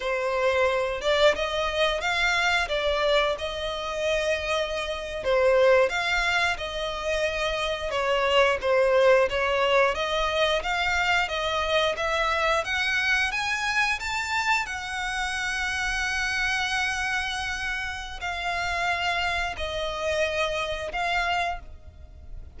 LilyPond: \new Staff \with { instrumentName = "violin" } { \time 4/4 \tempo 4 = 89 c''4. d''8 dis''4 f''4 | d''4 dis''2~ dis''8. c''16~ | c''8. f''4 dis''2 cis''16~ | cis''8. c''4 cis''4 dis''4 f''16~ |
f''8. dis''4 e''4 fis''4 gis''16~ | gis''8. a''4 fis''2~ fis''16~ | fis''2. f''4~ | f''4 dis''2 f''4 | }